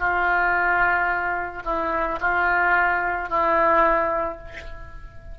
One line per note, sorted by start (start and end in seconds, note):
0.00 1.64 F4
1.65 2.20 E4
2.21 3.30 F4
3.30 4.39 E4